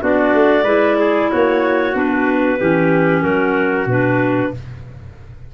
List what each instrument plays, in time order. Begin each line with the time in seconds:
0.00 tuba B3, clarinet D4 D5, trumpet F#4
0.33 tuba A3
0.63 tuba G#3, clarinet E4, trumpet B4
0.99 trumpet G#4
1.31 tuba A#3, trumpet F#4, clarinet C#5
1.93 tuba B3, clarinet D4 B4
2.59 tuba E3, clarinet C#4, trumpet G4
3.22 tuba F#3, trumpet F#4, clarinet A#4
3.86 tuba B2, clarinet D4 B4